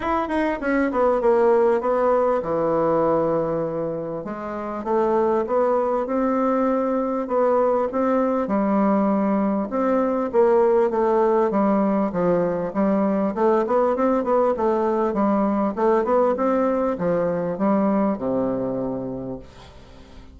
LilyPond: \new Staff \with { instrumentName = "bassoon" } { \time 4/4 \tempo 4 = 99 e'8 dis'8 cis'8 b8 ais4 b4 | e2. gis4 | a4 b4 c'2 | b4 c'4 g2 |
c'4 ais4 a4 g4 | f4 g4 a8 b8 c'8 b8 | a4 g4 a8 b8 c'4 | f4 g4 c2 | }